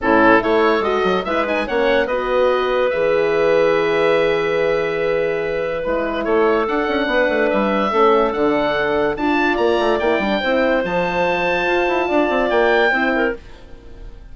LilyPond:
<<
  \new Staff \with { instrumentName = "oboe" } { \time 4/4 \tempo 4 = 144 a'4 cis''4 dis''4 e''8 gis''8 | fis''4 dis''2 e''4~ | e''1~ | e''2 b'4 cis''4 |
fis''2 e''2 | fis''2 a''4 ais''4 | g''2 a''2~ | a''2 g''2 | }
  \new Staff \with { instrumentName = "clarinet" } { \time 4/4 e'4 a'2 b'4 | cis''4 b'2.~ | b'1~ | b'2. a'4~ |
a'4 b'2 a'4~ | a'2 d''2~ | d''4 c''2.~ | c''4 d''2 c''8 ais'8 | }
  \new Staff \with { instrumentName = "horn" } { \time 4/4 cis'4 e'4 fis'4 e'8 dis'8 | cis'4 fis'2 gis'4~ | gis'1~ | gis'2 e'2 |
d'2. cis'4 | d'2 f'2 | e'8 d'8 e'4 f'2~ | f'2. e'4 | }
  \new Staff \with { instrumentName = "bassoon" } { \time 4/4 a,4 a4 gis8 fis8 gis4 | ais4 b2 e4~ | e1~ | e2 gis4 a4 |
d'8 cis'8 b8 a8 g4 a4 | d2 d'4 ais8 a8 | ais8 g8 c'4 f2 | f'8 e'8 d'8 c'8 ais4 c'4 | }
>>